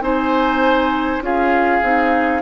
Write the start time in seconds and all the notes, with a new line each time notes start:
0.00 C4 D#4 C5 G#5
1.21 C#4 F4 G#4 F5
1.83 C4 D#4